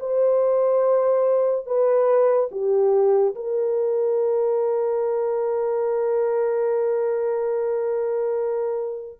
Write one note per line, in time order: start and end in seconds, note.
0.00 1.66 C5
1.66 2.49 B4
2.52 3.35 G4
3.35 9.19 A#4